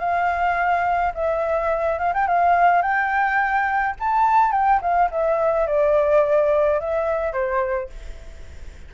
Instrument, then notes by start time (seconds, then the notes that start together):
flute
0.00 F5
1.15 E5
1.99 F5
2.14 G5
2.28 F5
2.82 G5
4.00 A5
4.52 G5
4.82 F5
5.11 E5
5.67 D5
6.81 E5
7.33 C5